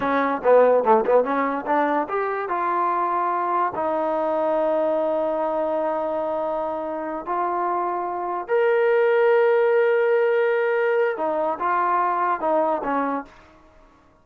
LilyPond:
\new Staff \with { instrumentName = "trombone" } { \time 4/4 \tempo 4 = 145 cis'4 b4 a8 b8 cis'4 | d'4 g'4 f'2~ | f'4 dis'2.~ | dis'1~ |
dis'4. f'2~ f'8~ | f'8 ais'2.~ ais'8~ | ais'2. dis'4 | f'2 dis'4 cis'4 | }